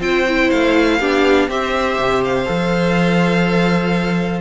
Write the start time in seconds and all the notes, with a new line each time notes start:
0.00 C4 F4 C5 G5
0.28 E4
0.51 A3 F5
0.99 B3 D4 G4
1.48 C4 G4 C5 E5
1.98 C3
2.24 F5
2.46 F3 A4